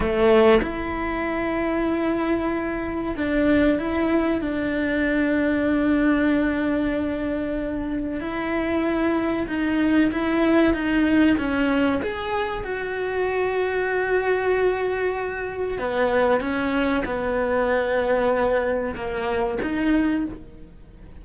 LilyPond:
\new Staff \with { instrumentName = "cello" } { \time 4/4 \tempo 4 = 95 a4 e'2.~ | e'4 d'4 e'4 d'4~ | d'1~ | d'4 e'2 dis'4 |
e'4 dis'4 cis'4 gis'4 | fis'1~ | fis'4 b4 cis'4 b4~ | b2 ais4 dis'4 | }